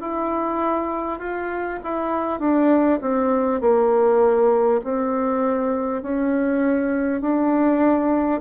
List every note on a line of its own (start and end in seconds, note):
0.00 1.19 E4
1.19 1.79 F4
1.83 2.39 E4
2.39 2.99 D4
3.01 3.60 C4
3.60 4.80 A#3
4.83 6.02 C4
6.02 7.21 C#4
7.21 8.41 D4